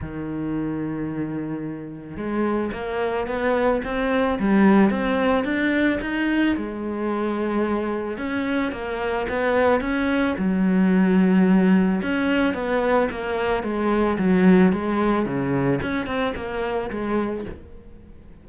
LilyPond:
\new Staff \with { instrumentName = "cello" } { \time 4/4 \tempo 4 = 110 dis1 | gis4 ais4 b4 c'4 | g4 c'4 d'4 dis'4 | gis2. cis'4 |
ais4 b4 cis'4 fis4~ | fis2 cis'4 b4 | ais4 gis4 fis4 gis4 | cis4 cis'8 c'8 ais4 gis4 | }